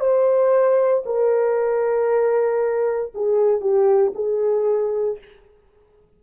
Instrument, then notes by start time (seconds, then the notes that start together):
horn
0.00 C5
1.05 A#4
3.14 G#4
3.61 G4
4.15 G#4